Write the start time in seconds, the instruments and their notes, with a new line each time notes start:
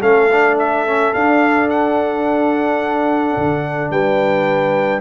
0.00 tuba A3, trombone C#4, horn A4, trumpet F5
0.32 trombone D4
0.58 trumpet E5
0.86 trombone C#4
1.13 trombone D4, tuba D4, trumpet F5
1.69 trumpet F#5
3.37 tuba D3
3.90 tuba G3, horn B4, trumpet G5